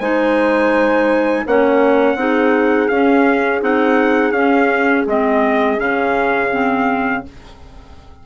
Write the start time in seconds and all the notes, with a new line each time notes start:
0.00 G#3 D#4 C5 G#5
1.47 A#3 C#4 C#5 F#5
2.15 C4 D#4 G#4
2.88 C#4 F5
3.61 C4 D#4 F#5
4.31 C#4 F5
5.07 G#3 C4 D#5
5.78 C#3 C#4 F5
6.51 C4